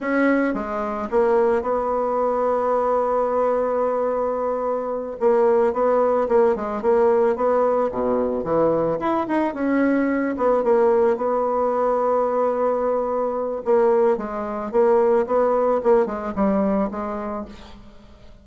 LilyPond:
\new Staff \with { instrumentName = "bassoon" } { \time 4/4 \tempo 4 = 110 cis'4 gis4 ais4 b4~ | b1~ | b4. ais4 b4 ais8 | gis8 ais4 b4 b,4 e8~ |
e8 e'8 dis'8 cis'4. b8 ais8~ | ais8 b2.~ b8~ | b4 ais4 gis4 ais4 | b4 ais8 gis8 g4 gis4 | }